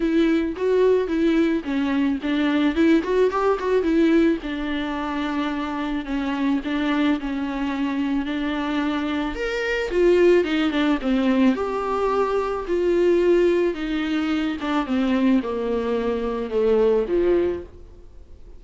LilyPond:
\new Staff \with { instrumentName = "viola" } { \time 4/4 \tempo 4 = 109 e'4 fis'4 e'4 cis'4 | d'4 e'8 fis'8 g'8 fis'8 e'4 | d'2. cis'4 | d'4 cis'2 d'4~ |
d'4 ais'4 f'4 dis'8 d'8 | c'4 g'2 f'4~ | f'4 dis'4. d'8 c'4 | ais2 a4 f4 | }